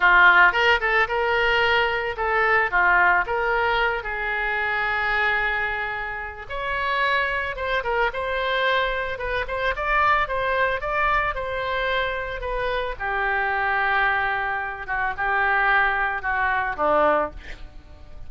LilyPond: \new Staff \with { instrumentName = "oboe" } { \time 4/4 \tempo 4 = 111 f'4 ais'8 a'8 ais'2 | a'4 f'4 ais'4. gis'8~ | gis'1 | cis''2 c''8 ais'8 c''4~ |
c''4 b'8 c''8 d''4 c''4 | d''4 c''2 b'4 | g'2.~ g'8 fis'8 | g'2 fis'4 d'4 | }